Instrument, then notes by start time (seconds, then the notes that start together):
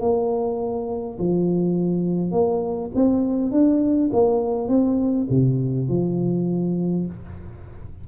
tuba
0.00 A#3
1.18 F3
2.32 A#3
2.95 C4
3.51 D4
4.12 A#3
4.68 C4
5.29 C3
5.88 F3